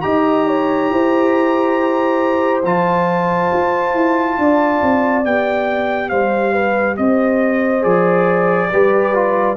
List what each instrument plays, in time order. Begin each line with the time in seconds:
0.00 tuba D#4, trombone G4, horn D#5, trumpet A#5
0.47 horn C#5
0.90 tuba E4, horn C5
2.64 tuba F3, trombone F4, trumpet A5
3.52 tuba F4
3.93 tuba E4
4.38 tuba D4, horn D5
4.82 tuba C4
5.24 tuba B3, trombone G4, trumpet G5
6.09 tuba G3, horn C5, trumpet F5
6.52 horn B4
6.97 tuba C4, horn C5, trumpet D#5
7.81 tuba F3, trombone G#4, trumpet D5
8.71 tuba G3, trombone G4, horn B4
9.14 trombone F4